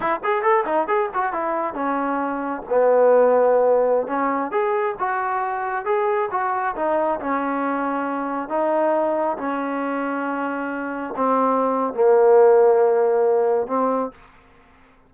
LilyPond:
\new Staff \with { instrumentName = "trombone" } { \time 4/4 \tempo 4 = 136 e'8 gis'8 a'8 dis'8 gis'8 fis'8 e'4 | cis'2 b2~ | b4~ b16 cis'4 gis'4 fis'8.~ | fis'4~ fis'16 gis'4 fis'4 dis'8.~ |
dis'16 cis'2. dis'8.~ | dis'4~ dis'16 cis'2~ cis'8.~ | cis'4~ cis'16 c'4.~ c'16 ais4~ | ais2. c'4 | }